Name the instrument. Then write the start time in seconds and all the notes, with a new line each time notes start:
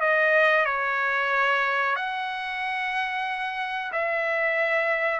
trumpet
0.00 D#5
0.65 C#5
1.96 F#5
3.92 E5